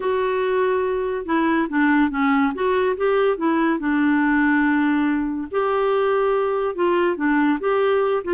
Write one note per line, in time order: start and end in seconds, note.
0.00 1.25 F#4
1.25 1.67 E4
1.69 2.10 D4
2.10 2.52 C#4
2.54 2.96 F#4
2.96 3.37 G4
3.37 3.79 E4
3.79 5.48 D4
5.51 6.75 G4
6.75 7.16 F4
7.16 7.58 D4
7.60 8.23 G4
8.24 8.33 F4